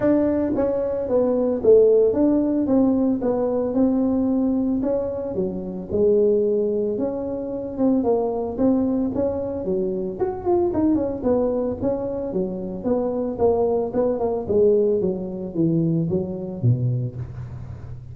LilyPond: \new Staff \with { instrumentName = "tuba" } { \time 4/4 \tempo 4 = 112 d'4 cis'4 b4 a4 | d'4 c'4 b4 c'4~ | c'4 cis'4 fis4 gis4~ | gis4 cis'4. c'8 ais4 |
c'4 cis'4 fis4 fis'8 f'8 | dis'8 cis'8 b4 cis'4 fis4 | b4 ais4 b8 ais8 gis4 | fis4 e4 fis4 b,4 | }